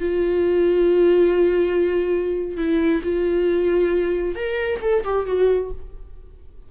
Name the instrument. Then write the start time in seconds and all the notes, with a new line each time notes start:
viola
0.00 F4
2.57 E4
3.04 F4
4.36 A#4
4.82 A4
5.05 G4
5.27 F#4